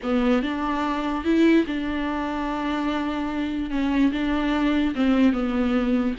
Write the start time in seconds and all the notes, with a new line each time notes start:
0.02 B3
0.42 D4
1.24 E4
1.66 D4
3.70 C#4
4.12 D4
4.95 C4
5.33 B3